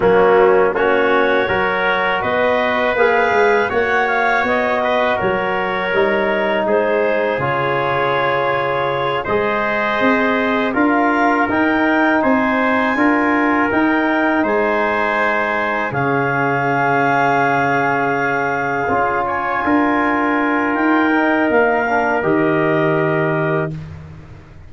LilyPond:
<<
  \new Staff \with { instrumentName = "clarinet" } { \time 4/4 \tempo 4 = 81 fis'4 cis''2 dis''4 | f''4 fis''8 f''8 dis''4 cis''4~ | cis''4 c''4 cis''2~ | cis''8 dis''2 f''4 g''8~ |
g''8 gis''2 g''4 gis''8~ | gis''4. f''2~ f''8~ | f''2 gis''2 | g''4 f''4 dis''2 | }
  \new Staff \with { instrumentName = "trumpet" } { \time 4/4 cis'4 fis'4 ais'4 b'4~ | b'4 cis''4. b'8 ais'4~ | ais'4 gis'2.~ | gis'8 c''2 ais'4.~ |
ais'8 c''4 ais'2 c''8~ | c''4. gis'2~ gis'8~ | gis'2 cis''8 ais'4.~ | ais'1 | }
  \new Staff \with { instrumentName = "trombone" } { \time 4/4 ais4 cis'4 fis'2 | gis'4 fis'2. | dis'2 f'2~ | f'8 gis'2 f'4 dis'8~ |
dis'4. f'4 dis'4.~ | dis'4. cis'2~ cis'8~ | cis'4. f'2~ f'8~ | f'8 dis'4 d'8 g'2 | }
  \new Staff \with { instrumentName = "tuba" } { \time 4/4 fis4 ais4 fis4 b4 | ais8 gis8 ais4 b4 fis4 | g4 gis4 cis2~ | cis8 gis4 c'4 d'4 dis'8~ |
dis'8 c'4 d'4 dis'4 gis8~ | gis4. cis2~ cis8~ | cis4. cis'4 d'4. | dis'4 ais4 dis2 | }
>>